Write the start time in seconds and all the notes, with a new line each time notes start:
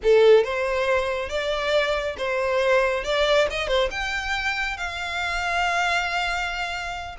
0.03 A4
0.44 C5
1.29 D5
2.17 C5
3.04 D5
3.50 D#5
3.67 C5
3.90 G5
4.77 F5